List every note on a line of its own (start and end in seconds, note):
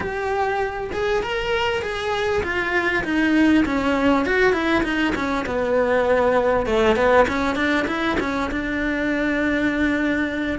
0.00 0.91 G4
0.92 1.23 G#4
1.23 1.82 A#4
1.82 2.42 G#4
2.43 3.03 F4
3.03 3.64 D#4
3.65 4.25 C#4
4.25 4.53 F#4
4.53 4.83 E4
4.83 5.13 D#4
5.15 5.45 C#4
5.45 6.66 B3
6.66 6.96 A3
6.96 7.26 B3
7.28 7.55 C#4
7.55 7.86 D4
7.87 8.17 E4
8.20 8.50 C#4
8.51 10.58 D4